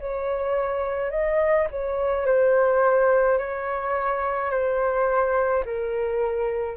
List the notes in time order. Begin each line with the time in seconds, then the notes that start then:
0.00 C#5
1.11 D#5
1.71 C#5
2.26 C5
3.38 C#5
4.51 C5
5.65 A#4